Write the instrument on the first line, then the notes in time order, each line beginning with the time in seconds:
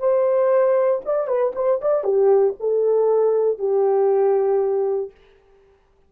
horn
0.00 C5
1.06 D5
1.28 B4
1.56 C5
1.82 D5
2.05 G4
2.60 A4
3.59 G4